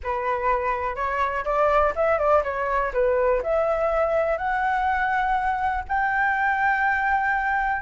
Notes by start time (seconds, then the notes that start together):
0.03 B4
0.95 C#5
1.45 D5
1.95 E5
2.18 D5
2.43 C#5
2.93 B4
3.42 E5
4.37 F#5
5.88 G5